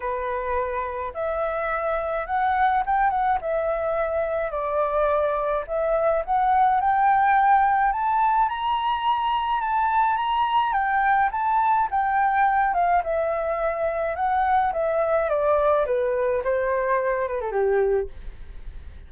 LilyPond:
\new Staff \with { instrumentName = "flute" } { \time 4/4 \tempo 4 = 106 b'2 e''2 | fis''4 g''8 fis''8 e''2 | d''2 e''4 fis''4 | g''2 a''4 ais''4~ |
ais''4 a''4 ais''4 g''4 | a''4 g''4. f''8 e''4~ | e''4 fis''4 e''4 d''4 | b'4 c''4. b'16 a'16 g'4 | }